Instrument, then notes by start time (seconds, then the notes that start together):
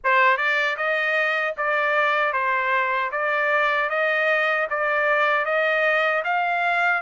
trumpet
0.04 C5
0.37 D5
0.76 D#5
1.57 D5
2.32 C5
3.11 D5
3.89 D#5
4.70 D5
5.45 D#5
6.24 F5